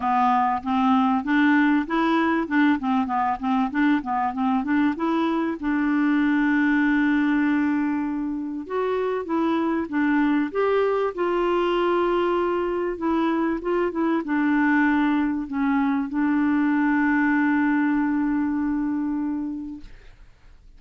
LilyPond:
\new Staff \with { instrumentName = "clarinet" } { \time 4/4 \tempo 4 = 97 b4 c'4 d'4 e'4 | d'8 c'8 b8 c'8 d'8 b8 c'8 d'8 | e'4 d'2.~ | d'2 fis'4 e'4 |
d'4 g'4 f'2~ | f'4 e'4 f'8 e'8 d'4~ | d'4 cis'4 d'2~ | d'1 | }